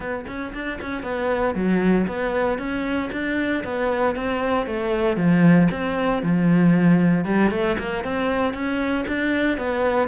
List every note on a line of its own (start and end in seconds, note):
0.00 0.25 B3
0.27 0.53 C#4
0.53 0.79 D4
0.81 1.03 C#4
1.03 1.54 B3
1.54 2.06 F#3
2.07 2.58 B3
2.58 3.10 C#4
3.12 3.63 D4
3.64 4.15 B3
4.15 4.66 C4
4.66 5.16 A3
5.16 5.68 F3
5.71 6.22 C4
6.22 7.24 F3
7.24 7.50 G3
7.50 7.76 A3
7.78 8.04 A#3
8.04 8.53 C4
8.53 9.05 C#4
9.07 9.57 D4
9.57 10.07 B3